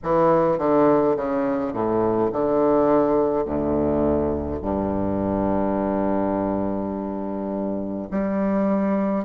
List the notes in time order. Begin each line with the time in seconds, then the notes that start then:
0.03 E3
0.58 D3
1.16 C#3
1.73 A2
2.32 D3
3.45 D2
4.62 G2
8.11 G3